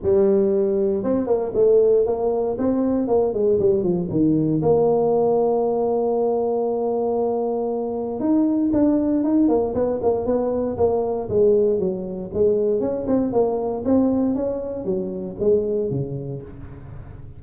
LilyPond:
\new Staff \with { instrumentName = "tuba" } { \time 4/4 \tempo 4 = 117 g2 c'8 ais8 a4 | ais4 c'4 ais8 gis8 g8 f8 | dis4 ais2.~ | ais1 |
dis'4 d'4 dis'8 ais8 b8 ais8 | b4 ais4 gis4 fis4 | gis4 cis'8 c'8 ais4 c'4 | cis'4 fis4 gis4 cis4 | }